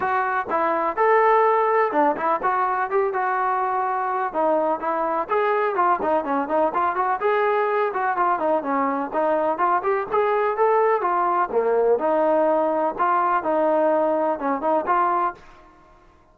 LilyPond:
\new Staff \with { instrumentName = "trombone" } { \time 4/4 \tempo 4 = 125 fis'4 e'4 a'2 | d'8 e'8 fis'4 g'8 fis'4.~ | fis'4 dis'4 e'4 gis'4 | f'8 dis'8 cis'8 dis'8 f'8 fis'8 gis'4~ |
gis'8 fis'8 f'8 dis'8 cis'4 dis'4 | f'8 g'8 gis'4 a'4 f'4 | ais4 dis'2 f'4 | dis'2 cis'8 dis'8 f'4 | }